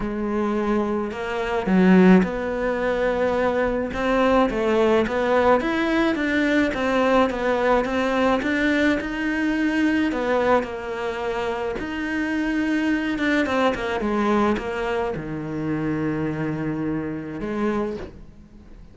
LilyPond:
\new Staff \with { instrumentName = "cello" } { \time 4/4 \tempo 4 = 107 gis2 ais4 fis4 | b2. c'4 | a4 b4 e'4 d'4 | c'4 b4 c'4 d'4 |
dis'2 b4 ais4~ | ais4 dis'2~ dis'8 d'8 | c'8 ais8 gis4 ais4 dis4~ | dis2. gis4 | }